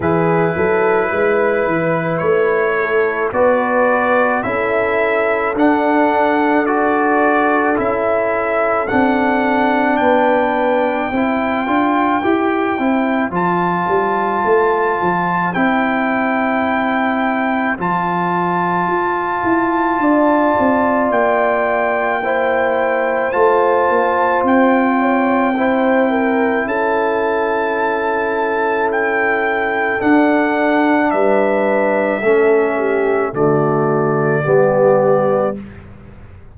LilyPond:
<<
  \new Staff \with { instrumentName = "trumpet" } { \time 4/4 \tempo 4 = 54 b'2 cis''4 d''4 | e''4 fis''4 d''4 e''4 | fis''4 g''2. | a''2 g''2 |
a''2. g''4~ | g''4 a''4 g''2 | a''2 g''4 fis''4 | e''2 d''2 | }
  \new Staff \with { instrumentName = "horn" } { \time 4/4 gis'8 a'8 b'4. a'8 b'4 | a'1~ | a'4 b'4 c''2~ | c''1~ |
c''2 d''2 | c''2~ c''8 cis''8 c''8 ais'8 | a'1 | b'4 a'8 g'8 fis'4 g'4 | }
  \new Staff \with { instrumentName = "trombone" } { \time 4/4 e'2. fis'4 | e'4 d'4 fis'4 e'4 | d'2 e'8 f'8 g'8 e'8 | f'2 e'2 |
f'1 | e'4 f'2 e'4~ | e'2. d'4~ | d'4 cis'4 a4 b4 | }
  \new Staff \with { instrumentName = "tuba" } { \time 4/4 e8 fis8 gis8 e8 a4 b4 | cis'4 d'2 cis'4 | c'4 b4 c'8 d'8 e'8 c'8 | f8 g8 a8 f8 c'2 |
f4 f'8 e'8 d'8 c'8 ais4~ | ais4 a8 ais8 c'2 | cis'2. d'4 | g4 a4 d4 g4 | }
>>